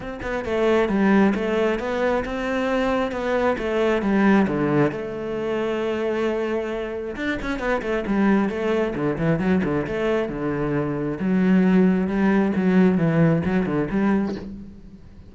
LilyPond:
\new Staff \with { instrumentName = "cello" } { \time 4/4 \tempo 4 = 134 c'8 b8 a4 g4 a4 | b4 c'2 b4 | a4 g4 d4 a4~ | a1 |
d'8 cis'8 b8 a8 g4 a4 | d8 e8 fis8 d8 a4 d4~ | d4 fis2 g4 | fis4 e4 fis8 d8 g4 | }